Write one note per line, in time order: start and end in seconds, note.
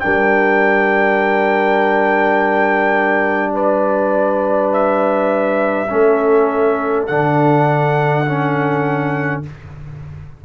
0.00 5.92 G3
0.00 5.88 D4
0.00 3.54 A#4
0.00 3.53 G5
3.54 5.89 B4
3.54 4.73 D5
4.73 7.07 E5
5.90 7.10 A3
5.90 7.08 C#4
5.90 9.45 A4
7.07 9.45 D3
7.07 8.26 D4
7.07 9.42 F#5
8.26 9.44 C#4